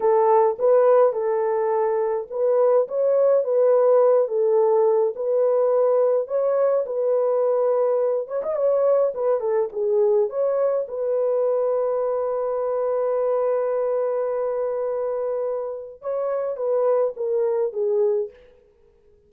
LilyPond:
\new Staff \with { instrumentName = "horn" } { \time 4/4 \tempo 4 = 105 a'4 b'4 a'2 | b'4 cis''4 b'4. a'8~ | a'4 b'2 cis''4 | b'2~ b'8 cis''16 dis''16 cis''4 |
b'8 a'8 gis'4 cis''4 b'4~ | b'1~ | b'1 | cis''4 b'4 ais'4 gis'4 | }